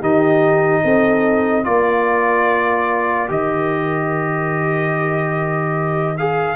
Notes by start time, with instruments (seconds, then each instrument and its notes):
0.00 tuba D#3, trombone D#4, horn G4, trumpet D#5
0.84 tuba C4, horn A4
1.64 tuba A#3, trombone F4, horn A#4, trumpet D5
3.28 tuba D#3, trombone G4, trumpet D#5
6.18 trombone G#4, trumpet F5